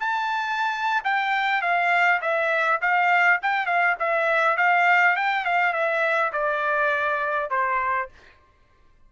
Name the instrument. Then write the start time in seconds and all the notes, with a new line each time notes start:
trumpet
0.00 A5
1.04 G5
1.62 F5
2.22 E5
2.82 F5
3.43 G5
3.66 F5
3.99 E5
4.57 F5
5.16 G5
5.45 F5
5.73 E5
6.33 D5
7.50 C5